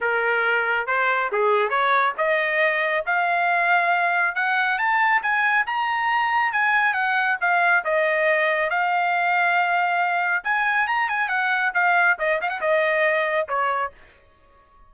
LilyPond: \new Staff \with { instrumentName = "trumpet" } { \time 4/4 \tempo 4 = 138 ais'2 c''4 gis'4 | cis''4 dis''2 f''4~ | f''2 fis''4 a''4 | gis''4 ais''2 gis''4 |
fis''4 f''4 dis''2 | f''1 | gis''4 ais''8 gis''8 fis''4 f''4 | dis''8 f''16 fis''16 dis''2 cis''4 | }